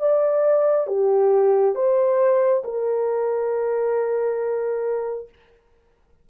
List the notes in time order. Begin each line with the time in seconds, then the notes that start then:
0.00 D5
0.87 G4
1.75 C5
2.65 A#4